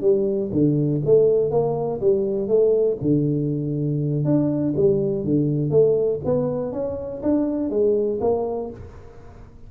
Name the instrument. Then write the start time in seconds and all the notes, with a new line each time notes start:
tuba
0.00 G3
0.51 D3
1.05 A3
1.50 A#3
2.00 G3
2.47 A3
3.01 D3
4.24 D4
4.76 G3
5.24 D3
5.70 A3
6.24 B3
6.72 C#4
7.22 D4
7.69 G#3
8.20 A#3